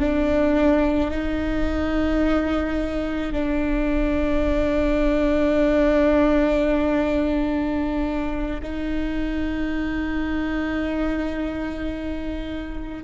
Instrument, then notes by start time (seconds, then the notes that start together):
viola
0.00 D4
1.11 D#4
3.33 D4
8.63 D#4